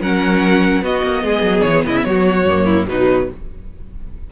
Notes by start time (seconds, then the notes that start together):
0.00 F#3 C#4 A#4 F#5
0.81 B3 F#4 D#5
1.02 A#3
1.23 G#3 G#4
1.42 F#3
1.61 E3 C#5
1.86 C#3 E4 D#5
1.96 E5
2.04 F#3 F#4 C#5
2.45 F#2 A#3
2.65 E4
2.86 B2 F#3 D#4 B4